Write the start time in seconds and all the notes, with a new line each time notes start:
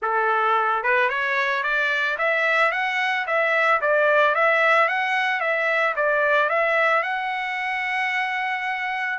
0.02 A4
0.83 B4
1.09 C#5
1.63 D5
2.17 E5
2.71 F#5
3.26 E5
3.81 D5
4.34 E5
4.88 F#5
5.40 E5
5.96 D5
6.49 E5
7.03 F#5